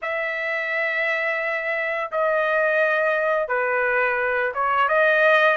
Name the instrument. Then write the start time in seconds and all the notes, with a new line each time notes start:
trumpet
0.02 E5
2.11 D#5
3.48 B4
4.54 C#5
4.88 D#5